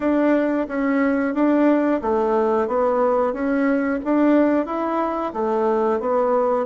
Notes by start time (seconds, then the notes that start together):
0.00 D4
0.68 C#4
1.34 D4
2.02 A3
2.67 B3
3.33 C#4
4.04 D4
4.66 E4
5.33 A3
6.00 B3